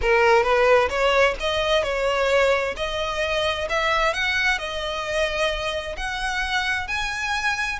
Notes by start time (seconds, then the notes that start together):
0.01 A#4
0.43 B4
0.89 C#5
1.40 D#5
1.83 C#5
2.76 D#5
3.69 E5
4.13 F#5
4.58 D#5
5.96 F#5
6.87 G#5